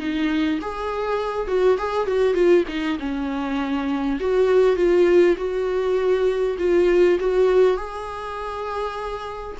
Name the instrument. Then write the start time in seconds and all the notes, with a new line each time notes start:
viola
0.00 D#4
0.62 G#4
1.48 F#4
1.79 G#4
2.07 F#4
2.35 F4
2.69 D#4
3.00 C#4
4.21 F#4
4.76 F4
5.37 F#4
6.59 F4
7.20 F#4
7.77 G#4